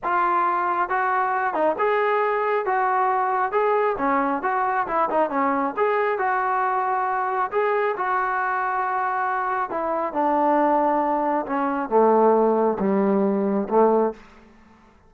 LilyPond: \new Staff \with { instrumentName = "trombone" } { \time 4/4 \tempo 4 = 136 f'2 fis'4. dis'8 | gis'2 fis'2 | gis'4 cis'4 fis'4 e'8 dis'8 | cis'4 gis'4 fis'2~ |
fis'4 gis'4 fis'2~ | fis'2 e'4 d'4~ | d'2 cis'4 a4~ | a4 g2 a4 | }